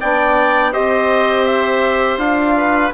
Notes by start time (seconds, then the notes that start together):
0.00 B3 D4 D5 G5
0.71 C4 G4 C5 D#5
1.44 E5
2.17 D4 F4 F5
2.57 B4